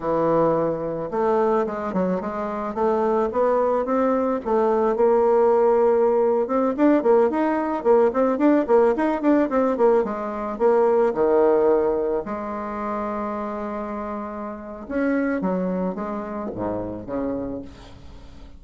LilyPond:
\new Staff \with { instrumentName = "bassoon" } { \time 4/4 \tempo 4 = 109 e2 a4 gis8 fis8 | gis4 a4 b4 c'4 | a4 ais2~ ais8. c'16~ | c'16 d'8 ais8 dis'4 ais8 c'8 d'8 ais16~ |
ais16 dis'8 d'8 c'8 ais8 gis4 ais8.~ | ais16 dis2 gis4.~ gis16~ | gis2. cis'4 | fis4 gis4 gis,4 cis4 | }